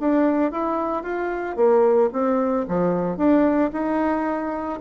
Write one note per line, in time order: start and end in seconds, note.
0.00 0.52 D4
0.52 1.03 E4
1.03 1.56 F4
1.56 2.10 A#3
2.13 2.66 C4
2.68 3.17 F3
3.17 3.71 D4
3.73 4.80 D#4